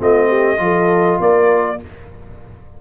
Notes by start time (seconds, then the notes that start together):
0.00 A3 C4 F4 D#5
0.29 G4
0.58 F3 F4 A4
1.20 A#3 A#4 D5